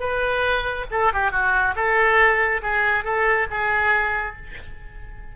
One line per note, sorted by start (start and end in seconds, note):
0.00 0.86 B4
0.91 1.13 A4
1.13 1.32 G4
1.32 1.75 F#4
1.76 2.62 A4
2.62 3.04 G#4
3.04 3.47 A4
3.51 4.36 G#4